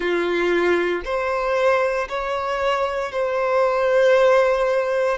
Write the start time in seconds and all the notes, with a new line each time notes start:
0.00 F4
1.04 C5
2.08 C#5
3.11 C5